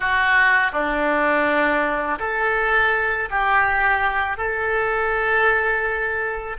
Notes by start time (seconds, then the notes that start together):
0.00 F#4
0.72 D4
2.19 A4
3.30 G4
4.37 A4